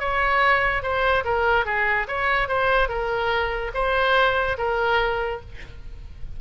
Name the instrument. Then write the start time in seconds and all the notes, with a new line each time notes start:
oboe
0.00 C#5
0.83 C5
1.25 A#4
1.66 G#4
2.08 C#5
2.49 C5
2.89 A#4
3.74 C5
4.58 A#4